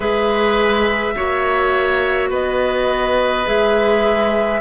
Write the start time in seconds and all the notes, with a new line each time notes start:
0.00 G#3 G#4 B4 E5
1.15 A#3 F#4 C#5
2.29 B3 B4 D#5
3.45 G#3 G#4 E5